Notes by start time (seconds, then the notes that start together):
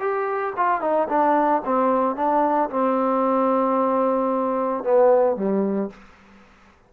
0.00 G4
0.57 F4
0.81 D#4
1.09 D4
1.65 C4
2.16 D4
2.70 C4
4.84 B3
5.36 G3